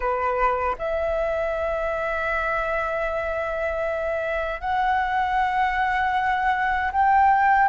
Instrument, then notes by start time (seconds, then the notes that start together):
flute
0.00 B4
0.78 E5
4.60 F#5
6.92 G5